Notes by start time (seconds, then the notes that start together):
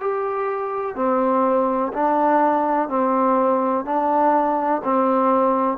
0.00 G4
0.95 C4
1.93 D4
2.88 C4
3.84 D4
4.83 C4